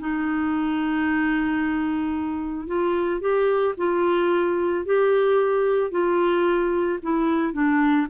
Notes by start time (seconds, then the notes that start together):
0.00 D#4
2.67 F4
3.21 G4
3.77 F4
4.86 G4
5.91 F4
7.03 E4
7.53 D4